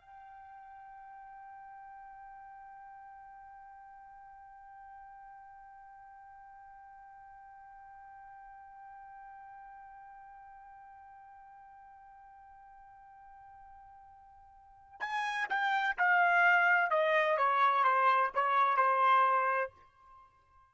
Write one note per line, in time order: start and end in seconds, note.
0.00 15.00 G5
15.00 15.47 G#5
15.49 15.96 G5
15.98 16.90 F5
16.90 17.37 D#5
17.37 17.84 C#5
17.84 18.31 C5
18.35 18.77 C#5
18.77 19.70 C5